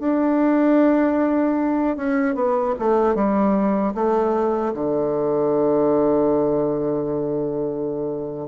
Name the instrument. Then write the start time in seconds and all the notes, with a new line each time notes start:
bassoon
0.00 D4
1.97 C#4
2.35 B3
2.80 A3
3.15 G3
3.95 A3
4.74 D3